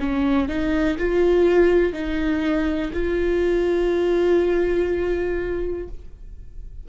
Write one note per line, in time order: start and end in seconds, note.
0.00 0.49 C#4
0.49 0.98 D#4
0.99 1.93 F4
1.93 2.92 D#4
2.94 5.89 F4